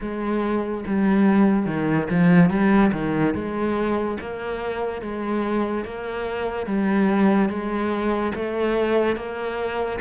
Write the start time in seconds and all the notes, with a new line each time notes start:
0.00 G#3
0.86 G3
1.66 D#3
2.09 F3
2.50 G3
2.92 D#3
3.34 G#3
4.20 A#3
5.01 G#3
5.84 A#3
6.66 G3
7.48 G#3
8.34 A3
9.16 A#3